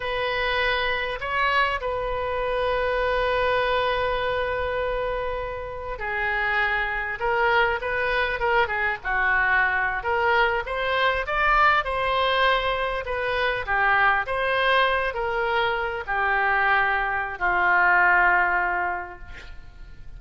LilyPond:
\new Staff \with { instrumentName = "oboe" } { \time 4/4 \tempo 4 = 100 b'2 cis''4 b'4~ | b'1~ | b'2 gis'2 | ais'4 b'4 ais'8 gis'8 fis'4~ |
fis'8. ais'4 c''4 d''4 c''16~ | c''4.~ c''16 b'4 g'4 c''16~ | c''4~ c''16 ais'4. g'4~ g'16~ | g'4 f'2. | }